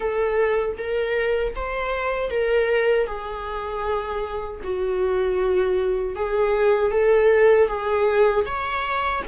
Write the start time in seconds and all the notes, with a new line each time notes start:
0.00 A4
0.77 A#4
1.55 C5
2.30 A#4
3.06 G#4
4.63 F#4
6.15 G#4
6.91 A4
7.68 G#4
8.45 C#5